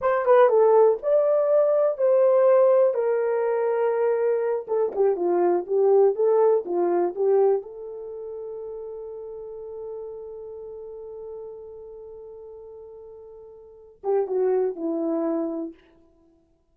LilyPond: \new Staff \with { instrumentName = "horn" } { \time 4/4 \tempo 4 = 122 c''8 b'8 a'4 d''2 | c''2 ais'2~ | ais'4. a'8 g'8 f'4 g'8~ | g'8 a'4 f'4 g'4 a'8~ |
a'1~ | a'1~ | a'1~ | a'8 g'8 fis'4 e'2 | }